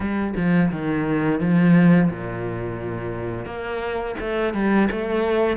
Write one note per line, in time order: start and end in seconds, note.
0.00 0.33 G3
0.36 0.71 F3
0.71 1.40 D#3
1.40 2.09 F3
2.10 3.45 A#2
3.45 4.15 A#3
4.20 4.53 A3
4.53 4.88 G3
4.91 5.57 A3